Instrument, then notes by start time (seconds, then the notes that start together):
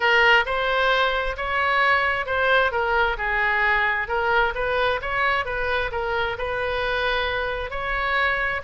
oboe
0.00 A#4
0.45 C5
1.36 C#5
2.26 C5
2.71 A#4
3.17 G#4
4.08 A#4
4.55 B4
5.01 C#5
5.45 B4
5.91 A#4
6.38 B4
7.70 C#5